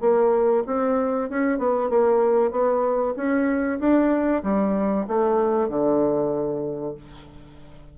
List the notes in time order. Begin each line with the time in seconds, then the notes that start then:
0.00 A#3
0.66 C4
1.29 C#4
1.58 B3
1.89 A#3
2.51 B3
3.16 C#4
3.79 D4
4.43 G3
5.07 A3
5.68 D3